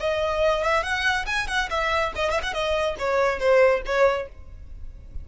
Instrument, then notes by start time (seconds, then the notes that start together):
violin
0.00 D#5
0.64 E5
0.83 F#5
1.26 G#5
1.48 F#5
1.70 E5
2.16 D#5
2.31 E5
2.43 F#5
2.54 D#5
2.99 C#5
3.40 C5
3.86 C#5